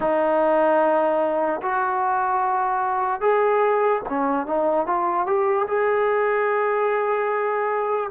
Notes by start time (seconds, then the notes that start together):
0.00 D#4
1.61 F#4
3.20 G#4
4.09 C#4
4.46 D#4
4.86 F4
5.26 G4
5.67 G#4